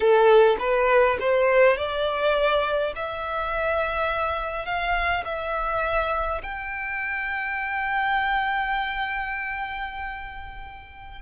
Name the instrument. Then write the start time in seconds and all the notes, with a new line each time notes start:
violin
0.00 A4
0.59 B4
1.20 C5
1.76 D5
2.95 E5
4.65 F5
5.24 E5
6.42 G5